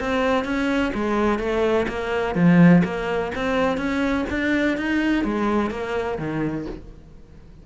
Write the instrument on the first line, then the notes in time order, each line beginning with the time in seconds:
cello
0.00 C4
0.45 C#4
0.94 G#3
1.39 A3
1.88 A#3
2.35 F3
2.84 A#3
3.35 C4
3.77 C#4
4.30 D4
4.77 D#4
5.24 G#3
5.71 A#3
6.19 D#3